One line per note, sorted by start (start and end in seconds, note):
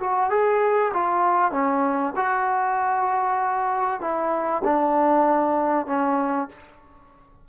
0.00 0.30 F#4
0.30 0.92 G#4
0.94 1.52 F4
1.52 2.13 C#4
2.16 4.01 F#4
4.01 4.63 E4
4.64 5.87 D4
5.87 6.48 C#4